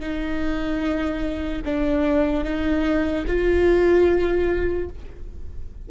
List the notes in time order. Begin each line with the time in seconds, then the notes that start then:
0.00 D#4
1.65 D4
2.44 D#4
3.27 F4